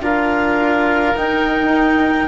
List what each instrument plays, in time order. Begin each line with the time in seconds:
0.00 bassoon D4, cello F4, oboe A#4, clarinet F5
1.16 bassoon D#4, cello D#4, clarinet G5